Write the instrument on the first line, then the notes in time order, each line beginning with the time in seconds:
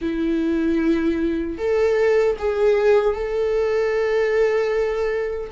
viola
0.01 E4
1.58 A4
2.38 G#4
3.14 A4